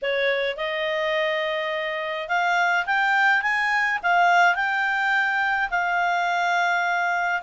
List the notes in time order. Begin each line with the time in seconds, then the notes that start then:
0.02 C#5
0.57 D#5
2.28 F5
2.86 G5
3.42 G#5
4.02 F5
4.55 G5
5.70 F5